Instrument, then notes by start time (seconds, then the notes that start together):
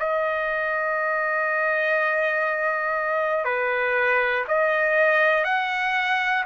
trumpet
0.00 D#5
3.45 B4
4.48 D#5
5.45 F#5